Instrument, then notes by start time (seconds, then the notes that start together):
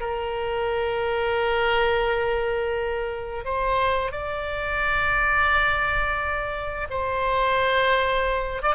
oboe
0.00 A#4
3.45 C5
4.12 D5
6.90 C5
8.62 D5